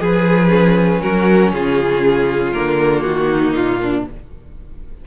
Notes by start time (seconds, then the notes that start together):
0.00 F3 G#4 B4
0.49 C#4
1.01 F#3 F#4 A#4
1.52 C#3 F4 G#4
2.53 D3 A#3 A#4
3.03 D#3 F#4
3.30 D#4
3.53 A#2 F4
3.82 D4